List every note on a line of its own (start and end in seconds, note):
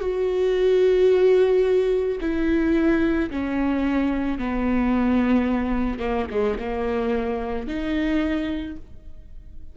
0.00 2.18 F#4
2.21 3.30 E4
3.30 4.38 C#4
4.38 6.00 B3
6.00 6.27 A#3
6.31 6.58 G#3
6.59 7.67 A#3
7.67 8.76 D#4